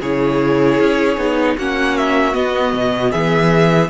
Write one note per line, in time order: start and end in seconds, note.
0.00 0.79 C#3
0.00 1.19 E4
0.00 1.56 G#4
0.00 1.58 C#5
0.80 1.17 C#4
1.17 1.56 B3
1.17 1.57 D#4
1.57 2.35 A#3
1.57 2.33 C#4
1.57 3.11 F#4
1.57 1.97 F#5
1.97 2.34 E5
2.33 3.89 B3
2.33 2.74 B3
2.33 3.12 D#5
2.74 3.12 B2
3.11 3.90 E3
3.11 3.89 G#4
3.11 3.90 E5